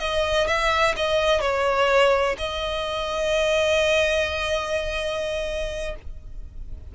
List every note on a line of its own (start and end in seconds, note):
0.00 0.48 D#5
0.48 0.95 E5
0.97 1.41 D#5
1.41 2.37 C#5
2.39 5.96 D#5